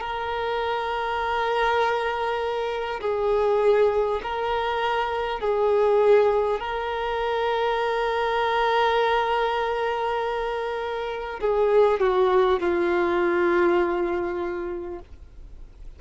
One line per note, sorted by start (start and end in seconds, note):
0.00 3.00 A#4
3.01 4.21 G#4
4.23 5.40 A#4
5.40 6.60 G#4
6.60 11.40 A#4
11.40 11.99 G#4
11.99 12.59 F#4
12.59 14.99 F4